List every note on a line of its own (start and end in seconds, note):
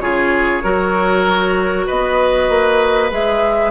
0.00 0.63 C#3
0.00 0.63 F4
0.00 0.63 G#4
0.00 1.86 C#5
0.63 1.87 F#3
0.63 3.11 F#4
0.63 1.86 A#4
1.86 2.49 B3
1.86 3.71 B4
1.86 3.11 D#5
2.49 3.11 A#3
3.11 3.71 G#3
3.11 3.71 G#4
3.11 3.71 E5